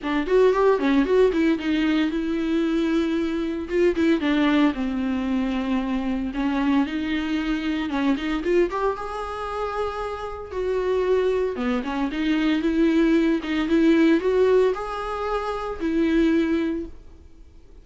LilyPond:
\new Staff \with { instrumentName = "viola" } { \time 4/4 \tempo 4 = 114 d'8 fis'8 g'8 cis'8 fis'8 e'8 dis'4 | e'2. f'8 e'8 | d'4 c'2. | cis'4 dis'2 cis'8 dis'8 |
f'8 g'8 gis'2. | fis'2 b8 cis'8 dis'4 | e'4. dis'8 e'4 fis'4 | gis'2 e'2 | }